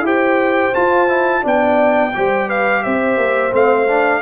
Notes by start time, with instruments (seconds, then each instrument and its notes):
0.00 tuba E4, trombone G4, horn C5
0.06 trumpet G5
0.74 trombone F4, tuba F4, trumpet A5
1.08 trombone E4
1.42 tuba B3, trombone D4, horn D5, trumpet G5
2.14 tuba G3, trombone G4, horn C5
2.47 horn B4, trumpet F5
2.83 tuba C4, horn C5, trumpet E5
3.17 tuba A#3
3.52 tuba A3, trombone C4, trumpet F5
3.87 trombone D4